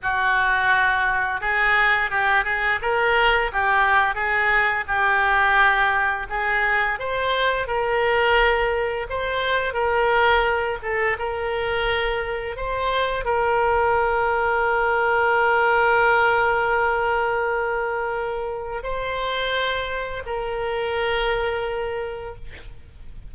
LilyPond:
\new Staff \with { instrumentName = "oboe" } { \time 4/4 \tempo 4 = 86 fis'2 gis'4 g'8 gis'8 | ais'4 g'4 gis'4 g'4~ | g'4 gis'4 c''4 ais'4~ | ais'4 c''4 ais'4. a'8 |
ais'2 c''4 ais'4~ | ais'1~ | ais'2. c''4~ | c''4 ais'2. | }